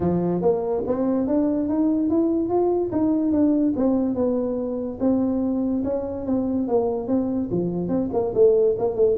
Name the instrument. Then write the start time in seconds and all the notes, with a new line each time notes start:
tuba
0.00 F3
0.41 A#3
0.86 C4
1.27 D4
1.68 D#4
2.09 E4
2.49 F4
2.92 D#4
3.32 D4
3.76 C4
4.15 B3
5.00 C4
5.84 C#4
6.26 C4
6.68 A#3
7.07 C4
7.51 F3
7.88 C4
8.12 A#3
8.34 A3
8.78 A#3
8.95 A3